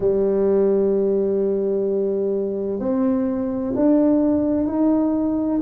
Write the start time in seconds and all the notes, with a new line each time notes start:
0.00 G3
2.79 C4
3.75 D4
4.66 D#4